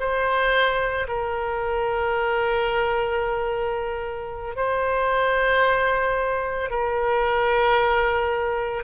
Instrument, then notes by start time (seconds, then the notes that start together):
oboe
0.00 C5
1.08 A#4
4.56 C5
6.71 A#4